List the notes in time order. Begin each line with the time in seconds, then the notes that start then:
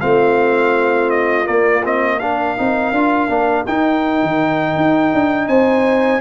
0.00 A3 C4 F4 F5
1.10 D#5
1.45 A#3 D5
1.83 C4 D#5
2.19 D4 A#4 F5
2.57 C4 D#4
2.91 D4 F4
3.29 A#3 D4
3.66 D#4 G5
4.22 D#3
4.76 D#4
5.13 D4
5.48 C4 C5 G#5